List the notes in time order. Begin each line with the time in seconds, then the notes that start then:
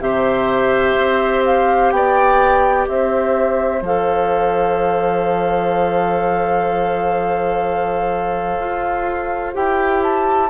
0.00 C3 G4 C5 E5
0.97 C4
1.46 F5
1.91 B3 D5 G5
2.88 C4 C5 E5
3.82 F3 A4 F5
8.60 F4
9.54 E4 G4 G5
10.03 A5